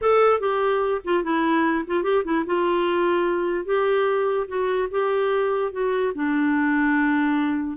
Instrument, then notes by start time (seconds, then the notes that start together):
clarinet
0.01 A4
0.40 G4
1.04 F4
1.23 E4
1.86 F4
2.03 G4
2.24 E4
2.46 F4
3.65 G4
4.47 F#4
4.91 G4
5.72 F#4
6.14 D4